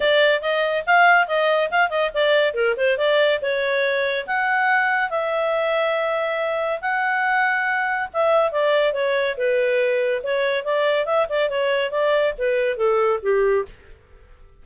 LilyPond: \new Staff \with { instrumentName = "clarinet" } { \time 4/4 \tempo 4 = 141 d''4 dis''4 f''4 dis''4 | f''8 dis''8 d''4 ais'8 c''8 d''4 | cis''2 fis''2 | e''1 |
fis''2. e''4 | d''4 cis''4 b'2 | cis''4 d''4 e''8 d''8 cis''4 | d''4 b'4 a'4 g'4 | }